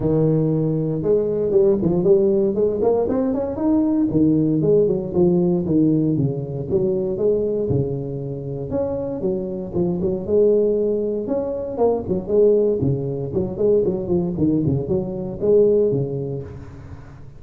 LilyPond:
\new Staff \with { instrumentName = "tuba" } { \time 4/4 \tempo 4 = 117 dis2 gis4 g8 f8 | g4 gis8 ais8 c'8 cis'8 dis'4 | dis4 gis8 fis8 f4 dis4 | cis4 fis4 gis4 cis4~ |
cis4 cis'4 fis4 f8 fis8 | gis2 cis'4 ais8 fis8 | gis4 cis4 fis8 gis8 fis8 f8 | dis8 cis8 fis4 gis4 cis4 | }